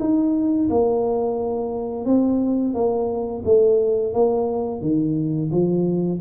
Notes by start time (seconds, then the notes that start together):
0.00 D#4
0.70 A#3
2.05 C4
2.74 A#3
3.45 A3
4.13 A#3
4.82 D#3
5.52 F3